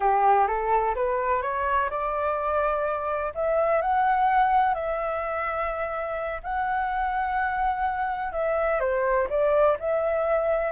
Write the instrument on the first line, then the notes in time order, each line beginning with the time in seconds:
flute
0.00 G4
0.47 A4
0.95 B4
1.42 C#5
1.90 D5
3.34 E5
3.81 F#5
4.74 E5
6.43 F#5
8.32 E5
8.80 C5
9.29 D5
9.79 E5